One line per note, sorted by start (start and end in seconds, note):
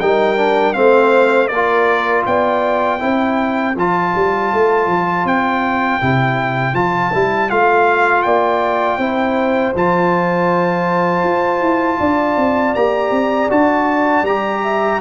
0.00 0.75 G3
0.00 0.37 D#4
0.00 0.75 A#4
0.00 0.74 G5
0.37 0.74 D4
0.74 1.51 A3
0.74 1.49 C4
0.74 1.49 C5
0.74 1.48 F5
1.48 2.26 A#3
1.48 2.24 A#4
1.48 2.23 D5
1.55 2.99 F4
2.26 3.01 B3
2.26 3.01 D5
2.26 3.76 G5
2.99 3.76 C4
2.99 3.74 E4
2.99 8.25 C5
3.76 4.14 F3
3.76 6.01 F4
3.76 5.27 A5
4.15 4.53 G3
4.53 4.87 A3
4.87 5.25 F3
5.25 6.00 C4
5.25 6.75 G5
6.01 6.74 C3
6.01 6.75 E4
6.74 7.11 F3
6.74 7.12 F4
6.74 7.50 A5
7.14 7.51 G3
7.14 7.50 E4
7.50 8.26 A3
7.50 9.00 F4
7.50 8.23 F5
8.23 8.98 A#3
8.23 8.99 D5
8.23 9.73 G5
8.98 9.73 C4
8.98 9.75 E4
8.98 11.99 C5
9.75 11.24 F3
9.75 12.76 F4
9.75 12.75 A5
11.24 11.61 F4
11.61 11.99 E4
12.00 12.37 D4
12.00 14.63 D5
12.37 12.75 C4
12.75 13.11 A#3
12.75 13.50 G4
12.75 13.50 A#5
13.11 13.49 C4
13.50 14.23 D4
13.50 14.25 F#4
13.50 14.26 A5
14.23 14.98 G3
14.23 15.01 G4
14.23 15.01 A#5
14.63 15.01 E5